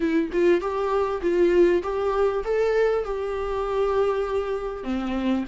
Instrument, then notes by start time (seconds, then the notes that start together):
viola
0.00 E4
0.32 F4
0.60 G4
1.21 F4
1.82 G4
2.44 A4
3.04 G4
4.83 C4